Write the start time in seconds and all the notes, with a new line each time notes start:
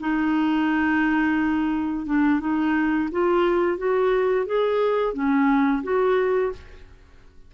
0.00 D#4
2.06 D4
2.40 D#4
3.12 F4
3.77 F#4
4.46 G#4
5.13 C#4
5.83 F#4